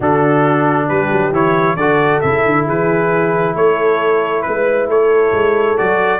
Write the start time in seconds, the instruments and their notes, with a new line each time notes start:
0.00 tuba D3, trombone D4, horn F#4, trumpet A4
0.88 tuba G3, horn G4, trumpet B4
1.11 tuba F#3
1.32 tuba E3, trombone E4, trumpet C#5
1.76 tuba D3, trombone F#4, horn A4, trumpet D5
2.21 tuba C#3, trombone E4, trumpet E5
2.45 tuba D3
2.65 tuba E3, horn G#4, trumpet B4
3.54 tuba A3, horn A4, trumpet C#5
4.42 tuba G#3, trumpet B4, horn B4
4.87 tuba A3, horn A4, trumpet C#5
5.32 tuba G#3
5.77 tuba F#3, trombone F#4, trumpet D5